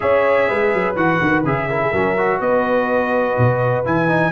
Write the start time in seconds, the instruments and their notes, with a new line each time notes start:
0.00 tuba C#4, trombone G#4, horn C#5, trumpet E5
0.48 tuba G#3, horn B4
0.73 tuba F#3
0.95 tuba E3, trombone F#4, trumpet F#5
1.21 tuba D#3
1.44 tuba C#3, trombone G#4, trumpet E5
1.69 trombone E4, horn A#4
1.81 horn G#4
1.91 tuba F#3, trombone C#4, horn A#4
2.17 trombone F#4
2.40 tuba B3, horn B4, trumpet D#5
3.38 tuba B2
3.84 tuba E3, trombone E4, trumpet G#5
4.08 trombone D#4